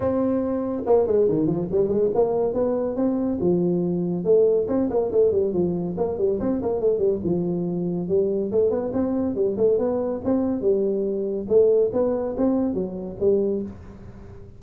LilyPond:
\new Staff \with { instrumentName = "tuba" } { \time 4/4 \tempo 4 = 141 c'2 ais8 gis8 dis8 f8 | g8 gis8 ais4 b4 c'4 | f2 a4 c'8 ais8 | a8 g8 f4 ais8 g8 c'8 ais8 |
a8 g8 f2 g4 | a8 b8 c'4 g8 a8 b4 | c'4 g2 a4 | b4 c'4 fis4 g4 | }